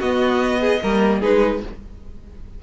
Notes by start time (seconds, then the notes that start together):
0.00 B3 F#4 D#5
0.60 G#4
0.83 G3 A#3 A#4
1.20 G#3 D#4 G#4 B4